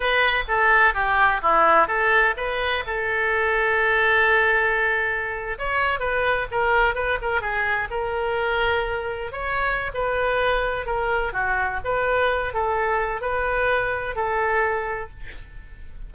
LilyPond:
\new Staff \with { instrumentName = "oboe" } { \time 4/4 \tempo 4 = 127 b'4 a'4 g'4 e'4 | a'4 b'4 a'2~ | a'2.~ a'8. cis''16~ | cis''8. b'4 ais'4 b'8 ais'8 gis'16~ |
gis'8. ais'2. cis''16~ | cis''4 b'2 ais'4 | fis'4 b'4. a'4. | b'2 a'2 | }